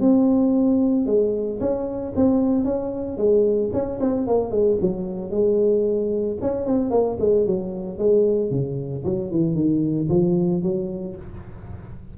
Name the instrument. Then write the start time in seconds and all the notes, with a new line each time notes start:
tuba
0.00 C4
1.06 G#3
1.60 C#4
2.16 C4
2.65 C#4
3.17 G#3
3.73 C#4
4.00 C4
4.27 A#3
4.51 G#3
4.81 F#3
5.31 G#3
6.41 C#4
6.66 C4
6.91 A#3
7.20 G#3
7.46 F#3
7.98 G#3
8.51 C#3
9.05 F#3
9.31 E3
9.55 D#3
10.09 F3
10.63 F#3